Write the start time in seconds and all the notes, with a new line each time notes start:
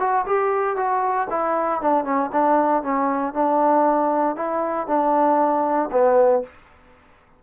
0.00 F#4
0.26 G4
0.76 F#4
1.30 E4
1.82 D4
2.05 C#4
2.33 D4
2.83 C#4
3.34 D4
4.37 E4
4.87 D4
5.92 B3